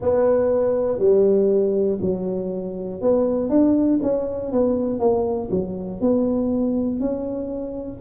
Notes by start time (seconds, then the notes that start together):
0.01 B3
0.99 G3
2.00 F#3
3.00 B3
3.49 D4
4.02 C#4
4.52 B3
4.99 A#3
5.50 F#3
6.00 B3
7.00 C#4